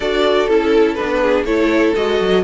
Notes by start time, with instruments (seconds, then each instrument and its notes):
0.00 cello D4, viola F#4, violin A4 D5
0.47 cello C#4, viola E4, violin A4
0.94 viola D4, violin B4
1.01 cello B3
1.21 violin G#4
1.44 cello A3, viola E4, violin A4 C#5
1.95 cello G#3, viola F#4, violin D#5
2.20 cello F#3